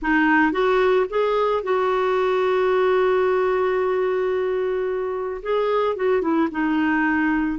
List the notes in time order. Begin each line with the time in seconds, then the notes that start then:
0.01 D#4
0.52 F#4
1.09 G#4
1.63 F#4
5.42 G#4
5.96 F#4
6.21 E4
6.51 D#4